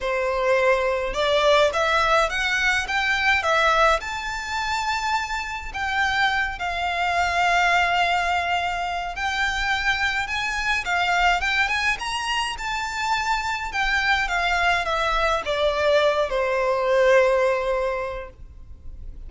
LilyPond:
\new Staff \with { instrumentName = "violin" } { \time 4/4 \tempo 4 = 105 c''2 d''4 e''4 | fis''4 g''4 e''4 a''4~ | a''2 g''4. f''8~ | f''1 |
g''2 gis''4 f''4 | g''8 gis''8 ais''4 a''2 | g''4 f''4 e''4 d''4~ | d''8 c''2.~ c''8 | }